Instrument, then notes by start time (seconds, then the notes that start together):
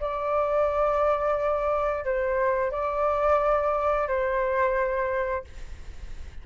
flute
0.00 D5
2.04 C5
2.71 D5
4.08 C5